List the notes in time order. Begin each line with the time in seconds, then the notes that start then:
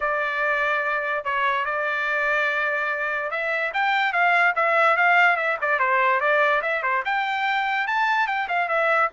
0.00 D5
1.24 C#5
1.65 D5
3.30 E5
3.73 G5
4.12 F5
4.55 E5
4.97 F5
5.36 E5
5.61 D5
5.79 C5
6.20 D5
6.62 E5
6.82 C5
7.05 G5
7.87 A5
8.27 G5
8.48 F5
8.68 E5